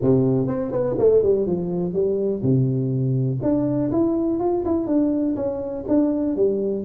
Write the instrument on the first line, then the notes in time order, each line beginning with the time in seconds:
tuba
0.01 C3
0.47 C4
0.71 B3
0.98 A3
1.22 G3
1.46 F3
1.93 G3
2.42 C3
3.42 D4
3.91 E4
4.39 F4
4.65 E4
4.86 D4
5.36 C#4
5.88 D4
6.36 G3